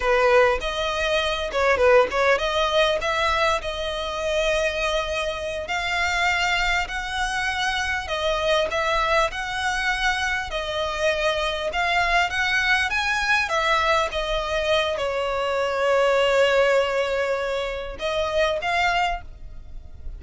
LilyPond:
\new Staff \with { instrumentName = "violin" } { \time 4/4 \tempo 4 = 100 b'4 dis''4. cis''8 b'8 cis''8 | dis''4 e''4 dis''2~ | dis''4. f''2 fis''8~ | fis''4. dis''4 e''4 fis''8~ |
fis''4. dis''2 f''8~ | f''8 fis''4 gis''4 e''4 dis''8~ | dis''4 cis''2.~ | cis''2 dis''4 f''4 | }